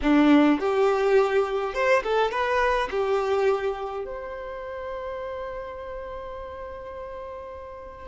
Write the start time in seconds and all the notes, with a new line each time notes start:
0.02 D4
0.59 G4
1.74 C5
2.03 A4
2.31 B4
2.90 G4
4.05 C5